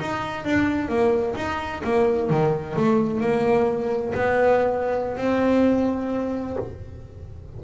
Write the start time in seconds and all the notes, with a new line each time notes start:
0.00 D#4
0.44 D4
0.88 A#3
1.35 D#4
1.84 A#3
2.29 D#3
2.76 A3
3.20 A#3
4.14 B3
5.17 C4